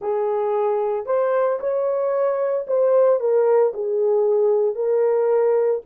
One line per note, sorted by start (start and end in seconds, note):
0.01 1.06 G#4
1.06 1.59 C5
1.59 2.65 C#5
2.67 3.20 C5
3.20 3.73 A#4
3.73 4.75 G#4
4.75 5.81 A#4